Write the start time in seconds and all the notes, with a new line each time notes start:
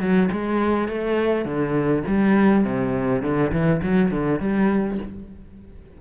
0.00 F#3
0.32 G#3
0.88 A3
1.45 D3
2.07 G3
2.65 C3
3.22 D3
3.52 E3
3.83 F#3
4.11 D3
4.40 G3